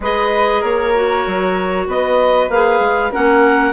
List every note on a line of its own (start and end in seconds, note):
0.00 0.61 G#3
0.00 0.94 G#4
0.00 0.60 B4
0.00 0.63 D#5
0.60 1.25 A#3
0.60 1.85 A#4
0.60 1.88 C#5
0.94 2.50 F#4
1.26 1.87 F#3
1.87 2.49 B3
1.87 3.11 B4
1.87 2.50 D#5
2.49 2.79 A#3
2.49 3.11 G#4
2.49 3.12 F5
2.79 3.10 G#3
3.11 3.72 A#3
3.11 3.72 C#4
3.11 3.72 A#4
3.11 3.72 F#5